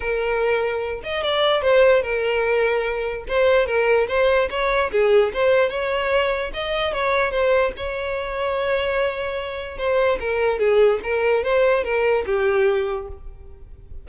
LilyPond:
\new Staff \with { instrumentName = "violin" } { \time 4/4 \tempo 4 = 147 ais'2~ ais'8 dis''8 d''4 | c''4 ais'2. | c''4 ais'4 c''4 cis''4 | gis'4 c''4 cis''2 |
dis''4 cis''4 c''4 cis''4~ | cis''1 | c''4 ais'4 gis'4 ais'4 | c''4 ais'4 g'2 | }